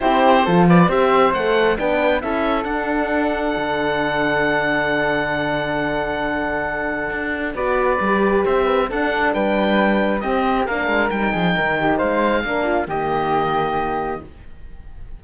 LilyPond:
<<
  \new Staff \with { instrumentName = "oboe" } { \time 4/4 \tempo 4 = 135 c''4. d''8 e''4 fis''4 | g''4 e''4 fis''2~ | fis''1~ | fis''1~ |
fis''4 d''2 e''4 | fis''4 g''2 dis''4 | f''4 g''2 f''4~ | f''4 dis''2. | }
  \new Staff \with { instrumentName = "flute" } { \time 4/4 g'4 a'8 b'8 c''2 | b'4 a'2.~ | a'1~ | a'1~ |
a'4 b'2 c''8 b'8 | a'4 b'2 g'4 | ais'4. gis'8 ais'8 g'8 c''4 | ais'8 f'8 g'2. | }
  \new Staff \with { instrumentName = "horn" } { \time 4/4 e'4 f'4 g'4 a'4 | d'4 e'4 d'2~ | d'1~ | d'1~ |
d'4 fis'4 g'2 | d'2. c'4 | d'4 dis'2. | d'4 ais2. | }
  \new Staff \with { instrumentName = "cello" } { \time 4/4 c'4 f4 c'4 a4 | b4 cis'4 d'2 | d1~ | d1 |
d'4 b4 g4 c'4 | d'4 g2 c'4 | ais8 gis8 g8 f8 dis4 gis4 | ais4 dis2. | }
>>